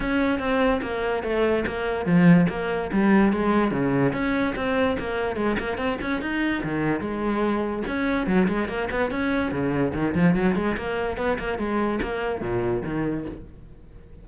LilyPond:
\new Staff \with { instrumentName = "cello" } { \time 4/4 \tempo 4 = 145 cis'4 c'4 ais4 a4 | ais4 f4 ais4 g4 | gis4 cis4 cis'4 c'4 | ais4 gis8 ais8 c'8 cis'8 dis'4 |
dis4 gis2 cis'4 | fis8 gis8 ais8 b8 cis'4 cis4 | dis8 f8 fis8 gis8 ais4 b8 ais8 | gis4 ais4 ais,4 dis4 | }